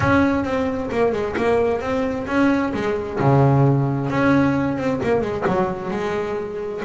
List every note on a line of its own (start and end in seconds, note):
0.00 0.44 C#4
0.44 0.89 C4
0.91 1.12 A#3
1.12 1.35 G#3
1.37 1.81 A#3
1.81 2.26 C4
2.27 2.73 C#4
2.73 3.19 G#3
3.19 4.10 C#3
4.10 4.77 C#4
4.77 5.00 C4
5.03 5.21 A#3
5.21 5.43 G#3
5.47 5.90 F#3
5.90 6.81 G#3